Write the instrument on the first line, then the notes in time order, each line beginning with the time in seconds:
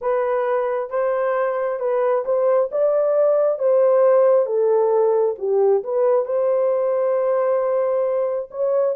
horn
0.01 B4
0.90 C5
1.79 B4
2.25 C5
2.71 D5
3.58 C5
4.46 A4
5.38 G4
5.83 B4
6.25 C5
8.51 C#5